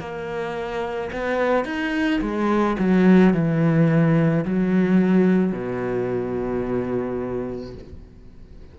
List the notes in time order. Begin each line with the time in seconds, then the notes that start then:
0.00 A#3
1.13 B3
1.65 D#4
2.22 G#3
2.79 F#3
3.34 E3
4.45 F#3
5.53 B2